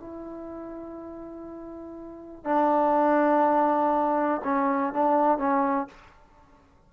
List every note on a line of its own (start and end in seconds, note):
0.00 2.45 E4
2.45 4.42 D4
4.44 4.94 C#4
4.94 5.39 D4
5.39 5.88 C#4